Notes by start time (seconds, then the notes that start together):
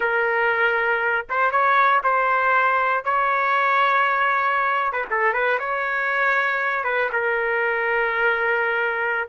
0.00 A#4
1.29 C5
1.51 C#5
2.03 C5
3.04 C#5
4.92 B4
5.10 A4
5.33 B4
5.59 C#5
6.84 B4
7.12 A#4